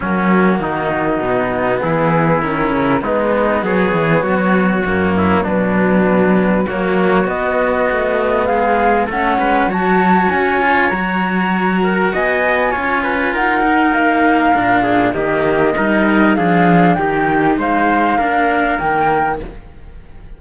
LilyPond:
<<
  \new Staff \with { instrumentName = "flute" } { \time 4/4 \tempo 4 = 99 fis'2. gis'4 | ais'4 b'4 cis''2~ | cis''4 b'2 cis''4 | dis''2 f''4 fis''4 |
a''4 gis''4 ais''2 | gis''2 fis''4 f''4~ | f''4 dis''2 f''4 | g''4 f''2 g''4 | }
  \new Staff \with { instrumentName = "trumpet" } { \time 4/4 cis'4 dis'2 e'4~ | e'4 dis'4 gis'4 fis'4~ | fis'8 e'8 d'2 fis'4~ | fis'2 gis'4 a'8 b'8 |
cis''2.~ cis''8 ais'8 | dis''4 cis''8 b'8 ais'2~ | ais'8 gis'8 g'4 ais'4 gis'4 | g'4 c''4 ais'2 | }
  \new Staff \with { instrumentName = "cello" } { \time 4/4 ais2 b2 | cis'4 b2. | ais4 fis2 ais4 | b2. cis'4 |
fis'4. f'8 fis'2~ | fis'4 f'4. dis'4. | d'4 ais4 dis'4 d'4 | dis'2 d'4 ais4 | }
  \new Staff \with { instrumentName = "cello" } { \time 4/4 fis4 dis4 b,4 e4 | dis8 cis8 gis4 fis8 e8 fis4 | fis,4 b,2 fis4 | b4 a4 gis4 a8 gis8 |
fis4 cis'4 fis2 | b4 cis'4 dis'4 ais4 | ais,4 dis4 g4 f4 | dis4 gis4 ais4 dis4 | }
>>